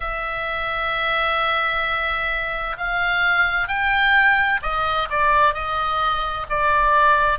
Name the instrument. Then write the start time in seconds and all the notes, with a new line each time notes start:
oboe
0.00 E5
2.77 F5
3.68 G5
4.62 D#5
5.10 D5
5.54 D#5
6.49 D5